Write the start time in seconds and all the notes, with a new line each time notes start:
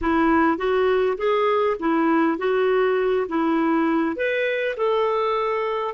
0.01 E4
0.57 F#4
1.17 G#4
1.79 E4
2.38 F#4
3.28 E4
4.16 B4
4.76 A4